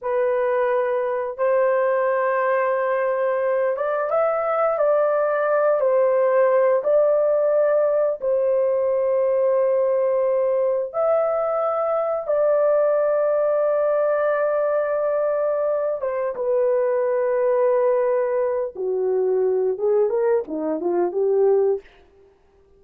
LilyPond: \new Staff \with { instrumentName = "horn" } { \time 4/4 \tempo 4 = 88 b'2 c''2~ | c''4. d''8 e''4 d''4~ | d''8 c''4. d''2 | c''1 |
e''2 d''2~ | d''2.~ d''8 c''8 | b'2.~ b'8 fis'8~ | fis'4 gis'8 ais'8 dis'8 f'8 g'4 | }